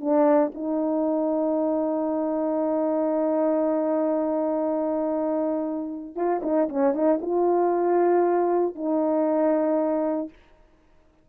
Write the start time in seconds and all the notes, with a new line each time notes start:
0.00 D4
0.54 D#4
6.15 F4
6.42 D#4
6.69 C#4
6.94 D#4
7.21 F4
8.75 D#4